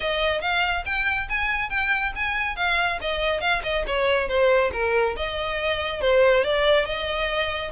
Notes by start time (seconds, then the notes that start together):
0.00 D#5
0.41 F5
0.85 G5
1.29 G#5
1.69 G5
2.15 G#5
2.55 F5
3.01 D#5
3.40 F5
3.63 D#5
3.86 C#5
4.28 C5
4.72 A#4
5.16 D#5
6.01 C5
6.44 D5
6.85 D#5